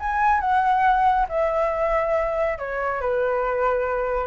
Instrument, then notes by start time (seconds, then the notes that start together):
flute
0.00 G#5
0.41 F#5
1.29 E5
2.59 C#5
3.01 B4